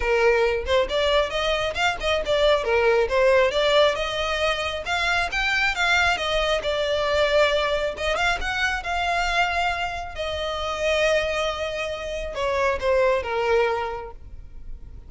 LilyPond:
\new Staff \with { instrumentName = "violin" } { \time 4/4 \tempo 4 = 136 ais'4. c''8 d''4 dis''4 | f''8 dis''8 d''4 ais'4 c''4 | d''4 dis''2 f''4 | g''4 f''4 dis''4 d''4~ |
d''2 dis''8 f''8 fis''4 | f''2. dis''4~ | dis''1 | cis''4 c''4 ais'2 | }